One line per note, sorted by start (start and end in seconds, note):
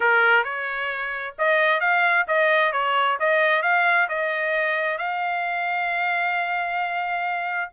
0.00 0.44 A#4
0.44 1.35 C#5
1.38 1.80 D#5
1.80 2.26 F5
2.27 2.72 D#5
2.72 3.17 C#5
3.19 3.62 D#5
3.62 4.08 F5
4.08 4.98 D#5
4.98 7.70 F5